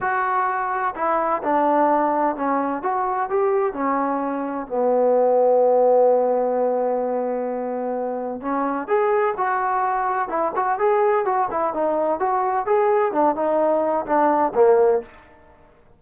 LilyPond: \new Staff \with { instrumentName = "trombone" } { \time 4/4 \tempo 4 = 128 fis'2 e'4 d'4~ | d'4 cis'4 fis'4 g'4 | cis'2 b2~ | b1~ |
b2 cis'4 gis'4 | fis'2 e'8 fis'8 gis'4 | fis'8 e'8 dis'4 fis'4 gis'4 | d'8 dis'4. d'4 ais4 | }